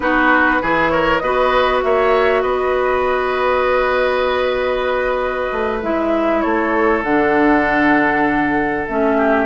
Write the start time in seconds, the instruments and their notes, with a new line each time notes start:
0.00 bassoon B3, clarinet D#4, oboe F#4, flute B4
0.61 bassoon E3, clarinet E4, oboe G#4
0.90 oboe A#4, flute C#5
1.18 bassoon B3, clarinet F#4, oboe B4, flute D#5
1.83 bassoon A#3, oboe C#5, flute E5
2.42 bassoon B3, oboe B4, flute D#5
5.52 bassoon A3
5.82 bassoon G#3, clarinet E4, flute E5
6.41 bassoon A3, oboe A4, flute C#5
7.02 bassoon D3, clarinet D4, flute F#5
8.87 bassoon A3, clarinet C#4, flute E5
9.17 oboe G4